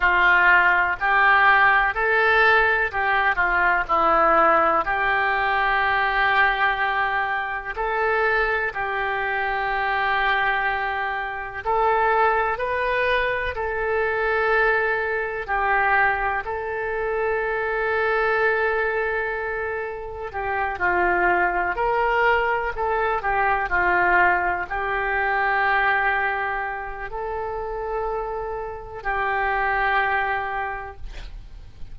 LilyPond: \new Staff \with { instrumentName = "oboe" } { \time 4/4 \tempo 4 = 62 f'4 g'4 a'4 g'8 f'8 | e'4 g'2. | a'4 g'2. | a'4 b'4 a'2 |
g'4 a'2.~ | a'4 g'8 f'4 ais'4 a'8 | g'8 f'4 g'2~ g'8 | a'2 g'2 | }